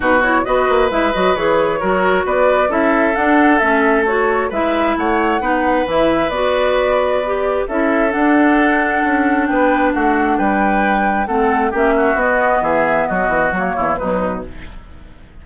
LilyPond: <<
  \new Staff \with { instrumentName = "flute" } { \time 4/4 \tempo 4 = 133 b'8 cis''8 dis''4 e''8 dis''8 cis''4~ | cis''4 d''4 e''4 fis''4 | e''4 cis''4 e''4 fis''4~ | fis''4 e''4 d''2~ |
d''4 e''4 fis''2~ | fis''4 g''4 fis''4 g''4~ | g''4 fis''4 e''4 dis''4 | e''4 dis''4 cis''4 b'4 | }
  \new Staff \with { instrumentName = "oboe" } { \time 4/4 fis'4 b'2. | ais'4 b'4 a'2~ | a'2 b'4 cis''4 | b'1~ |
b'4 a'2.~ | a'4 b'4 fis'4 b'4~ | b'4 a'4 g'8 fis'4. | gis'4 fis'4. e'8 dis'4 | }
  \new Staff \with { instrumentName = "clarinet" } { \time 4/4 dis'8 e'8 fis'4 e'8 fis'8 gis'4 | fis'2 e'4 d'4 | cis'4 fis'4 e'2 | dis'4 e'4 fis'2 |
g'4 e'4 d'2~ | d'1~ | d'4 c'4 cis'4 b4~ | b2 ais4 fis4 | }
  \new Staff \with { instrumentName = "bassoon" } { \time 4/4 b,4 b8 ais8 gis8 fis8 e4 | fis4 b4 cis'4 d'4 | a2 gis4 a4 | b4 e4 b2~ |
b4 cis'4 d'2 | cis'4 b4 a4 g4~ | g4 a4 ais4 b4 | e4 fis8 e8 fis8 e,8 b,4 | }
>>